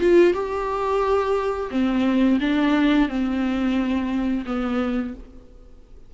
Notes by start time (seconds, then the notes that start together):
0.00 F4
0.33 G4
1.70 C4
2.40 D4
3.08 C4
4.45 B3